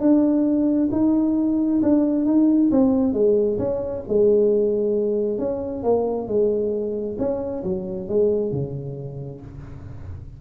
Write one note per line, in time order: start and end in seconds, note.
0.00 0.90 D4
0.92 1.82 D#4
1.83 2.26 D4
2.26 2.70 D#4
2.72 3.13 C4
3.13 3.58 G#3
3.59 4.03 C#4
4.08 5.39 G#3
5.39 5.83 C#4
5.84 6.28 A#3
6.28 7.17 G#3
7.19 7.63 C#4
7.64 8.09 F#3
8.09 8.52 G#3
8.52 9.41 C#3